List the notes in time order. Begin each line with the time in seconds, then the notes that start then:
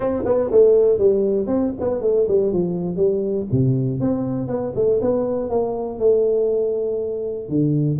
0.00 C4
0.25 B3
0.51 A3
0.98 G3
1.47 C4
1.80 B3
2.01 A3
2.27 G3
2.52 F3
2.96 G3
3.51 C3
4.00 C4
4.47 B3
4.75 A3
5.01 B3
5.49 A#3
5.98 A3
7.49 D3